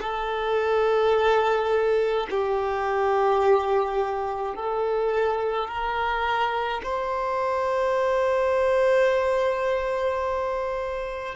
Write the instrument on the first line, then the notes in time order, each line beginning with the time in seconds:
violin
0.00 A4
2.30 G4
4.55 A4
5.68 A#4
6.83 C5